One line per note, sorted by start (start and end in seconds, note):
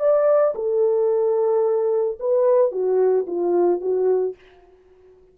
0.00 0.55 D5
0.55 2.19 A4
2.20 2.72 B4
2.72 3.27 F#4
3.27 3.81 F4
3.81 4.36 F#4